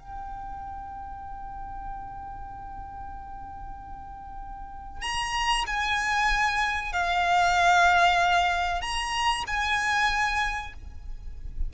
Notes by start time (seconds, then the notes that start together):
0.00 G5
5.02 A#5
5.67 G#5
6.93 F5
8.82 A#5
9.48 G#5